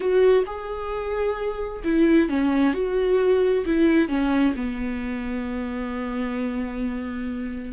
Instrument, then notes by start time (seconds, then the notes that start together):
viola
0.00 F#4
0.46 G#4
1.83 E4
2.29 C#4
2.73 F#4
3.65 E4
4.08 C#4
4.56 B3